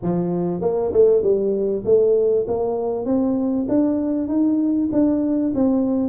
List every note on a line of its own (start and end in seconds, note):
0.02 0.61 F3
0.61 0.92 A#3
0.92 1.22 A3
1.22 1.83 G3
1.85 2.46 A3
2.47 3.05 A#3
3.05 3.66 C4
3.68 4.27 D4
4.27 4.89 D#4
4.91 5.53 D4
5.54 6.09 C4